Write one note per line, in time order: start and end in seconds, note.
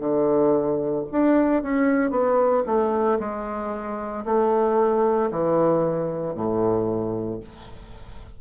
0.00 1.05 D3
1.12 1.63 D4
1.63 2.11 C#4
2.11 2.63 B3
2.66 3.19 A3
3.19 4.24 G#3
4.25 5.30 A3
5.31 6.34 E3
6.34 7.40 A2